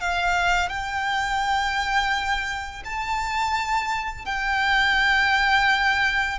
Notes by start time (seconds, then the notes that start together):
0.00 F5
0.69 G5
2.84 A5
4.25 G5